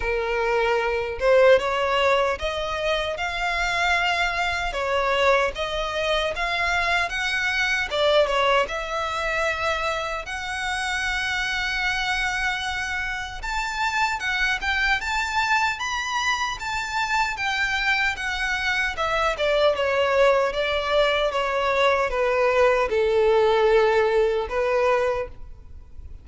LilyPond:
\new Staff \with { instrumentName = "violin" } { \time 4/4 \tempo 4 = 76 ais'4. c''8 cis''4 dis''4 | f''2 cis''4 dis''4 | f''4 fis''4 d''8 cis''8 e''4~ | e''4 fis''2.~ |
fis''4 a''4 fis''8 g''8 a''4 | b''4 a''4 g''4 fis''4 | e''8 d''8 cis''4 d''4 cis''4 | b'4 a'2 b'4 | }